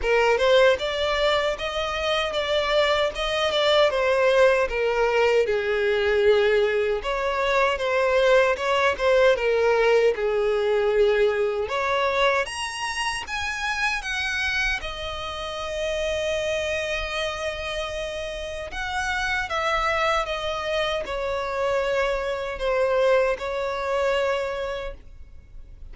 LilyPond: \new Staff \with { instrumentName = "violin" } { \time 4/4 \tempo 4 = 77 ais'8 c''8 d''4 dis''4 d''4 | dis''8 d''8 c''4 ais'4 gis'4~ | gis'4 cis''4 c''4 cis''8 c''8 | ais'4 gis'2 cis''4 |
ais''4 gis''4 fis''4 dis''4~ | dis''1 | fis''4 e''4 dis''4 cis''4~ | cis''4 c''4 cis''2 | }